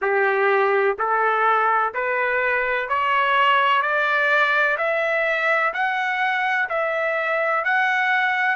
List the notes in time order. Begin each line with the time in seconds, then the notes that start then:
0.01 G4
0.98 A4
1.94 B4
2.88 C#5
3.81 D5
4.77 E5
5.73 F#5
6.69 E5
7.64 F#5